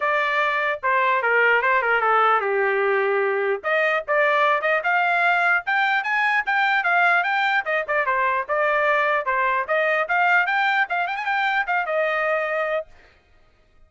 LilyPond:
\new Staff \with { instrumentName = "trumpet" } { \time 4/4 \tempo 4 = 149 d''2 c''4 ais'4 | c''8 ais'8 a'4 g'2~ | g'4 dis''4 d''4. dis''8 | f''2 g''4 gis''4 |
g''4 f''4 g''4 dis''8 d''8 | c''4 d''2 c''4 | dis''4 f''4 g''4 f''8 g''16 gis''16 | g''4 f''8 dis''2~ dis''8 | }